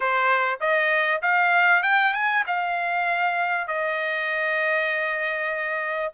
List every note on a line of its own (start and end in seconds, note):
0.00 0.59 C5
0.60 1.21 D#5
1.21 1.83 F5
1.83 2.13 G5
2.13 2.44 G#5
2.46 3.67 F5
3.67 6.12 D#5